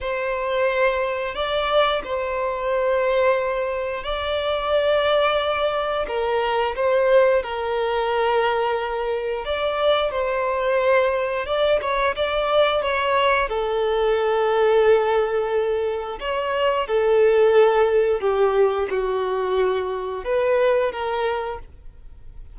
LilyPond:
\new Staff \with { instrumentName = "violin" } { \time 4/4 \tempo 4 = 89 c''2 d''4 c''4~ | c''2 d''2~ | d''4 ais'4 c''4 ais'4~ | ais'2 d''4 c''4~ |
c''4 d''8 cis''8 d''4 cis''4 | a'1 | cis''4 a'2 g'4 | fis'2 b'4 ais'4 | }